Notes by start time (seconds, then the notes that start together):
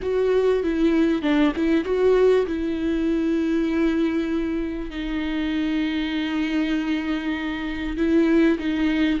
0.02 F#4
0.63 E4
1.22 D4
1.56 E4
1.84 F#4
2.46 E4
4.90 D#4
7.96 E4
8.58 D#4